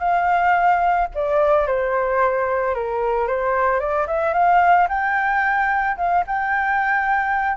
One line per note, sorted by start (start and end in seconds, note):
0.00 1.08 F5
1.15 1.67 D5
1.67 2.75 C5
2.75 3.28 A#4
3.28 3.80 C5
3.80 4.07 D5
4.07 4.34 E5
4.34 4.88 F5
4.89 5.97 G5
5.98 6.25 F5
6.27 7.57 G5